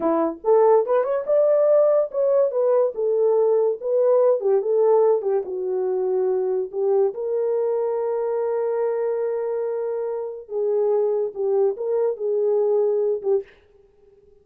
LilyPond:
\new Staff \with { instrumentName = "horn" } { \time 4/4 \tempo 4 = 143 e'4 a'4 b'8 cis''8 d''4~ | d''4 cis''4 b'4 a'4~ | a'4 b'4. g'8 a'4~ | a'8 g'8 fis'2. |
g'4 ais'2.~ | ais'1~ | ais'4 gis'2 g'4 | ais'4 gis'2~ gis'8 g'8 | }